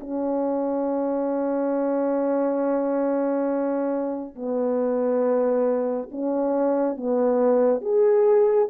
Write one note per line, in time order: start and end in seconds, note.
0.00 4.35 C#4
4.35 6.09 B3
6.11 6.96 C#4
6.96 7.81 B3
7.81 8.68 G#4